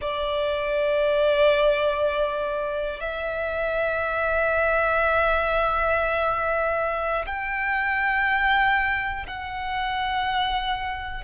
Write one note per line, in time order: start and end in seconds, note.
0.01 3.00 D5
3.00 7.25 E5
7.26 9.26 G5
9.26 11.24 F#5